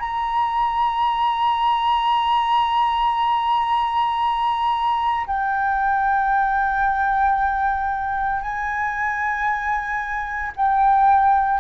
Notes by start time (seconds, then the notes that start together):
0.00 A#5
5.27 G5
8.42 G#5
10.56 G5